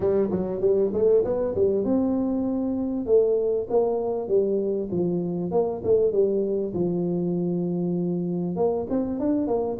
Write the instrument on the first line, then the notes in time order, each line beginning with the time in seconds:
tuba
0.00 G3
0.30 F#3
0.61 G3
0.93 A3
1.24 B3
1.55 G3
1.84 C4
3.06 A3
3.69 A#3
4.28 G3
4.91 F3
5.51 A#3
5.83 A3
6.12 G3
6.73 F3
8.56 A#3
8.89 C4
9.19 D4
9.47 A#3